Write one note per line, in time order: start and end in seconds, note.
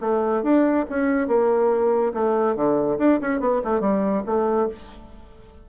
0.00 0.43 A3
0.43 0.85 D4
0.90 1.27 C#4
1.27 2.13 A#3
2.13 2.55 A3
2.55 2.98 D3
2.98 3.19 D4
3.21 3.40 C#4
3.40 3.61 B3
3.64 3.80 A3
3.80 4.23 G3
4.26 4.68 A3